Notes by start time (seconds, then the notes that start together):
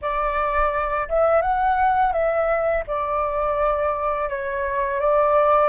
0.01 D5
1.08 E5
1.41 F#5
2.12 E5
2.87 D5
4.29 C#5
5.00 D5